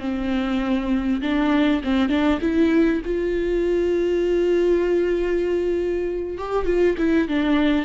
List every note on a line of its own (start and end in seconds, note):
0.00 1.21 C4
1.21 1.82 D4
1.84 2.09 C4
2.09 2.40 D4
2.41 3.02 E4
3.05 6.38 F4
6.38 6.66 G4
6.66 6.96 F4
6.98 7.28 E4
7.28 7.85 D4